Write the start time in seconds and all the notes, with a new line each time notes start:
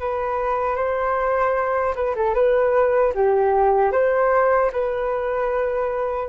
0.00 B4
0.76 C5
1.96 B4
2.16 A4
2.35 B4
3.15 G4
3.92 C5
4.72 B4